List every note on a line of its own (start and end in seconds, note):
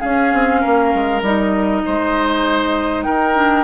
0.00 1.21 C#4
0.00 0.33 C#4
0.00 0.60 G#4
0.00 1.21 F5
0.33 0.63 C4
0.60 0.94 A#3
0.60 1.82 A#4
0.94 1.21 G#3
1.21 1.82 G3
1.21 3.34 D#4
1.21 3.03 D#5
1.85 3.07 G#3
1.85 3.05 C5
3.03 3.63 D#4
3.03 3.63 A#4
3.03 3.63 G5
3.34 3.63 D4